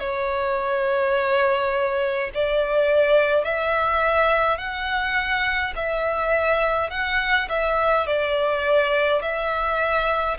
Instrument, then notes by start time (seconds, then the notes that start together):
violin
0.00 C#5
2.34 D5
3.45 E5
4.58 F#5
5.76 E5
6.91 F#5
7.49 E5
8.07 D5
9.22 E5